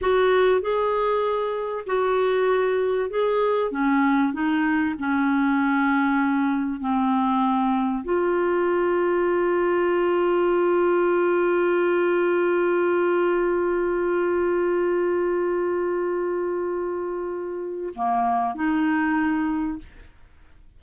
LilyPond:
\new Staff \with { instrumentName = "clarinet" } { \time 4/4 \tempo 4 = 97 fis'4 gis'2 fis'4~ | fis'4 gis'4 cis'4 dis'4 | cis'2. c'4~ | c'4 f'2.~ |
f'1~ | f'1~ | f'1~ | f'4 ais4 dis'2 | }